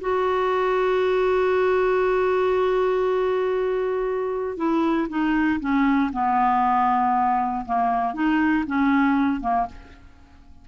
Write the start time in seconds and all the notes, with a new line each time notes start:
0.00 F#4
4.56 E4
5.08 D#4
5.60 C#4
6.12 B3
7.65 A#3
8.13 D#4
8.66 C#4
9.40 A#3